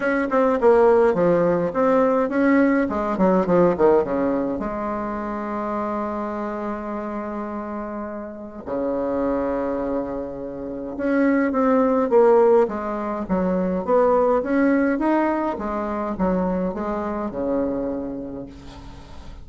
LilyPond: \new Staff \with { instrumentName = "bassoon" } { \time 4/4 \tempo 4 = 104 cis'8 c'8 ais4 f4 c'4 | cis'4 gis8 fis8 f8 dis8 cis4 | gis1~ | gis2. cis4~ |
cis2. cis'4 | c'4 ais4 gis4 fis4 | b4 cis'4 dis'4 gis4 | fis4 gis4 cis2 | }